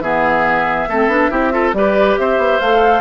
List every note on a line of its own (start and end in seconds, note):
0.00 0.87 E3
0.00 0.89 B3
0.00 0.89 G#4
0.00 1.73 E5
0.88 1.08 A3
0.88 1.10 C4
0.88 1.31 A4
1.08 1.29 B3
1.08 1.31 D4
1.31 1.74 C4
1.31 1.52 E4
1.31 1.53 G4
1.52 1.73 F4
1.52 1.75 A4
1.73 2.17 G3
1.73 2.62 G4
1.73 2.20 B4
1.73 2.16 D5
2.18 2.38 C4
2.18 3.01 C5
2.18 2.60 E5
2.38 2.59 B3
2.60 3.01 A3
2.60 3.01 A4
2.60 3.01 F5